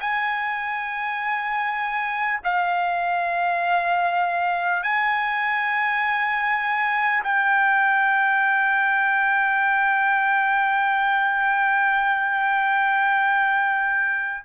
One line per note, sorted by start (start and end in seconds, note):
0.00 2.40 G#5
2.43 4.83 F5
4.83 7.23 G#5
7.24 14.44 G5